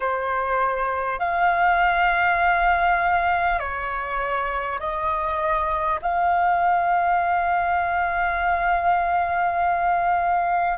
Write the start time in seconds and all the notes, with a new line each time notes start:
0.00 C5
1.19 F5
3.59 C#5
4.79 D#5
6.02 F5